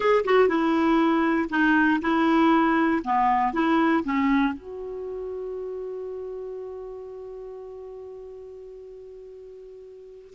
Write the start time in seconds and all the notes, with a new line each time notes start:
0.00 G#4
0.25 F#4
0.48 E4
1.49 D#4
2.01 E4
3.04 B3
3.53 E4
4.03 C#4
4.53 F#4